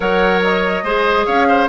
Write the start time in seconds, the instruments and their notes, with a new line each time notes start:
0.00 bassoon F#3, clarinet A#4, oboe C#5, flute F#5
0.42 flute D#5
0.83 bassoon G#3, clarinet G#4, oboe C5
1.25 bassoon C#4, oboe C#5, flute F5
1.48 oboe C5